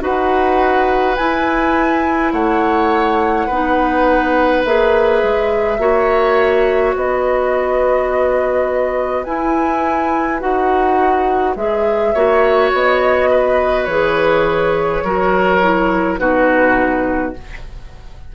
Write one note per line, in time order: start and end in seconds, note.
0.00 1.16 D#4
0.00 1.15 F#4
0.00 2.32 B4
0.00 1.16 F#5
1.16 3.49 E4
1.16 2.32 E4
1.16 2.31 G#5
2.32 3.48 A3
2.32 3.46 C#5
2.32 4.63 F#5
3.46 4.65 B3
3.46 4.66 D#4
3.46 5.77 B4
4.65 5.22 A#3
4.65 5.79 G#4
4.65 6.95 E5
5.23 5.78 G#3
5.78 6.94 A#3
5.78 9.25 F#4
5.78 6.95 C#5
6.95 9.26 B3
6.95 12.13 B4
6.95 9.24 D#5
9.24 10.40 E4
9.24 10.41 E4
9.24 10.39 G#5
10.40 11.56 D#4
10.40 11.55 F#4
10.40 11.55 F#5
11.56 12.13 G#3
11.56 12.14 G#4
11.56 12.71 E5
12.13 12.72 A#3
12.13 13.88 F#4
12.13 13.29 C#5
12.72 13.87 B3
12.72 13.84 D#5
13.31 15.04 B4
13.84 15.02 E3
13.84 15.05 G#4
13.84 16.15 C#5
15.03 16.19 F#3
15.03 15.62 F#4
15.03 16.19 A#4
15.62 16.18 E4
16.18 17.34 B2
16.18 17.33 D#4
16.18 17.35 F#4
16.18 17.33 B4